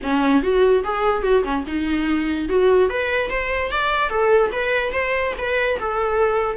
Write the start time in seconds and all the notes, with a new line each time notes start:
0.02 C#4
0.42 F#4
0.83 G#4
1.22 F#4
1.43 C#4
1.66 D#4
2.48 F#4
2.89 B4
3.30 C5
3.71 D5
4.09 A4
4.52 B4
4.92 C5
5.37 B4
5.79 A4